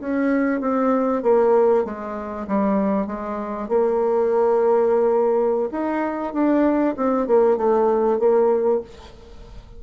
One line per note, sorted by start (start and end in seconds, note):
0.00 0.61 C#4
0.61 1.23 C4
1.23 1.85 A#3
1.85 2.47 G#3
2.47 3.07 G3
3.07 3.69 G#3
3.69 5.70 A#3
5.72 6.33 D#4
6.33 6.95 D4
6.97 7.27 C4
7.27 7.57 A#3
7.57 8.19 A3
8.19 8.81 A#3